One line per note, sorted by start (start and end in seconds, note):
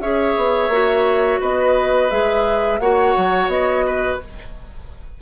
0.00 0.35 C#4
0.00 0.72 G#4
0.00 1.41 C#5
0.00 1.40 E5
0.37 0.69 B3
0.69 1.39 A#3
0.69 2.11 F#4
1.41 2.11 B3
1.41 2.80 B4
1.41 2.11 D#5
2.11 2.80 G#3
2.11 2.81 G#4
2.11 2.80 E5
2.80 3.15 A#3
2.80 4.21 F#4
2.80 3.86 C#5
2.80 3.49 F#5
3.17 3.48 F#3
3.48 4.18 B3
3.48 4.19 D#5
3.87 4.22 B4